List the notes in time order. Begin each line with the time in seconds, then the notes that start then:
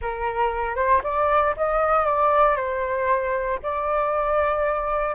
0.01 A#4
0.75 C5
1.03 D5
1.57 D#5
2.05 D5
2.56 C5
3.62 D5